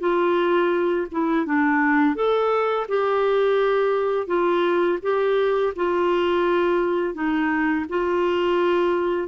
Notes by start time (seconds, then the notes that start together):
0.00 F4
1.11 E4
1.46 D4
2.15 A4
2.88 G4
4.27 F4
5.02 G4
5.76 F4
7.14 D#4
7.89 F4